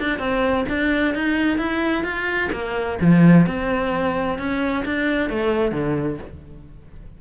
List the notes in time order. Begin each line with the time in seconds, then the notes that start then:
0.00 D4
0.19 C4
0.69 D4
1.15 D#4
1.58 E4
2.04 F4
2.53 A#3
3.01 F3
3.47 C4
4.39 C#4
4.86 D4
5.30 A3
5.72 D3